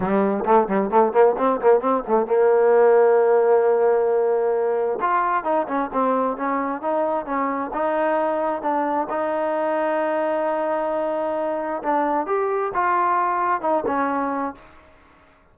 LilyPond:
\new Staff \with { instrumentName = "trombone" } { \time 4/4 \tempo 4 = 132 g4 a8 g8 a8 ais8 c'8 ais8 | c'8 a8 ais2.~ | ais2. f'4 | dis'8 cis'8 c'4 cis'4 dis'4 |
cis'4 dis'2 d'4 | dis'1~ | dis'2 d'4 g'4 | f'2 dis'8 cis'4. | }